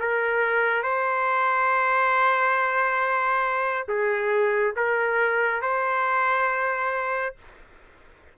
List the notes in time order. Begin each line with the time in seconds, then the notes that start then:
0.00 A#4
0.83 C5
3.89 G#4
4.77 A#4
5.62 C5